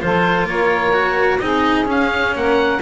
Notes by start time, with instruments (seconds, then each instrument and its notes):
0.00 double bass F3, cello F4, saxophone A4, oboe C5
0.44 double bass A#3, saxophone A#4, oboe C#5
0.93 cello F#4
1.39 double bass C4, cello D#4, saxophone G#4, oboe D#5
1.85 cello C#4, double bass C#4, oboe F5
2.35 double bass A#3, saxophone A#4, oboe F#5